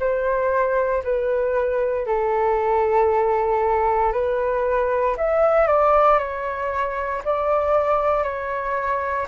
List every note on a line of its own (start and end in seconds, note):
0.00 1.03 C5
1.04 2.06 B4
2.06 4.13 A4
4.13 5.16 B4
5.17 5.68 E5
5.68 6.19 D5
6.19 7.22 C#5
7.25 8.24 D5
8.24 9.27 C#5